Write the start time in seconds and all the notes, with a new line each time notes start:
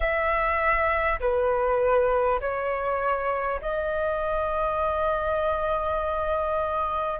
0.00 E5
1.19 B4
2.40 C#5
3.61 D#5